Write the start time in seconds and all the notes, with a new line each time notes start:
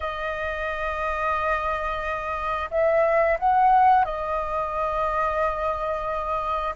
0.00 D#5
2.70 E5
3.39 F#5
4.04 D#5